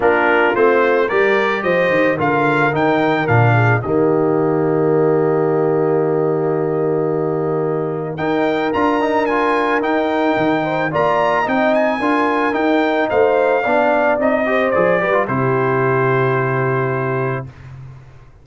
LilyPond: <<
  \new Staff \with { instrumentName = "trumpet" } { \time 4/4 \tempo 4 = 110 ais'4 c''4 d''4 dis''4 | f''4 g''4 f''4 dis''4~ | dis''1~ | dis''2. g''4 |
ais''4 gis''4 g''2 | ais''4 g''8 gis''4. g''4 | f''2 dis''4 d''4 | c''1 | }
  \new Staff \with { instrumentName = "horn" } { \time 4/4 f'2 ais'4 c''4 | ais'2~ ais'8 gis'8 g'4~ | g'1~ | g'2. ais'4~ |
ais'2.~ ais'8 c''8 | d''4 dis''4 ais'2 | c''4 d''4. c''4 b'8 | g'1 | }
  \new Staff \with { instrumentName = "trombone" } { \time 4/4 d'4 c'4 g'2 | f'4 dis'4 d'4 ais4~ | ais1~ | ais2. dis'4 |
f'8 dis'8 f'4 dis'2 | f'4 dis'4 f'4 dis'4~ | dis'4 d'4 dis'8 g'8 gis'8 g'16 f'16 | e'1 | }
  \new Staff \with { instrumentName = "tuba" } { \time 4/4 ais4 a4 g4 f8 dis8 | d4 dis4 ais,4 dis4~ | dis1~ | dis2. dis'4 |
d'2 dis'4 dis4 | ais4 c'4 d'4 dis'4 | a4 b4 c'4 f8 g8 | c1 | }
>>